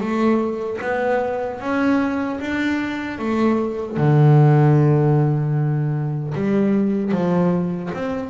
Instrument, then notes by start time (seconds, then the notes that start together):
double bass
0.00 A3
0.81 B3
1.60 C#4
2.40 D4
3.18 A3
3.97 D3
6.34 G3
7.12 F3
7.93 C4